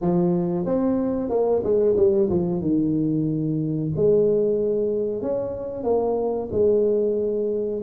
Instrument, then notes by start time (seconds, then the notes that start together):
tuba
0.01 F3
0.65 C4
1.29 A#3
1.63 G#3
1.96 G3
2.29 F3
2.61 D#3
3.96 G#3
5.22 C#4
5.83 A#3
6.51 G#3